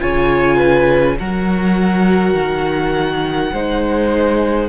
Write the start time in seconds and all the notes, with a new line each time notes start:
0.00 C#3 F4 C#5 G#5
0.57 B4
1.19 F#3 F#4 A#4 F#5
2.34 D#3
3.52 G#3 D#4 C5